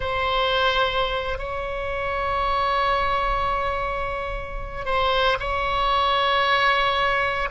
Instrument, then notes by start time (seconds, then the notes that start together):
oboe
0.00 C5
1.38 C#5
4.85 C5
5.39 C#5